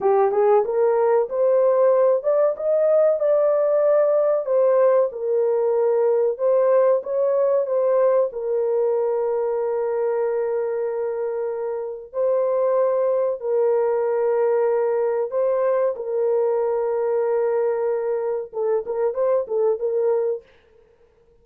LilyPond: \new Staff \with { instrumentName = "horn" } { \time 4/4 \tempo 4 = 94 g'8 gis'8 ais'4 c''4. d''8 | dis''4 d''2 c''4 | ais'2 c''4 cis''4 | c''4 ais'2.~ |
ais'2. c''4~ | c''4 ais'2. | c''4 ais'2.~ | ais'4 a'8 ais'8 c''8 a'8 ais'4 | }